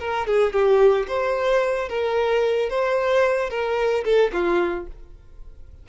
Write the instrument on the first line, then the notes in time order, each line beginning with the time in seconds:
violin
0.00 A#4
0.27 G#4
0.53 G4
1.08 C5
1.89 A#4
2.70 C5
3.50 A#4
4.05 A4
4.33 F4